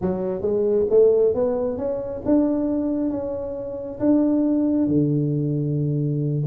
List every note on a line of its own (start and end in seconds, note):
0.01 0.41 F#3
0.41 0.86 G#3
0.90 1.34 A3
1.34 1.77 B3
1.77 2.22 C#4
2.25 3.10 D4
3.10 3.99 C#4
3.99 4.87 D4
4.87 6.43 D3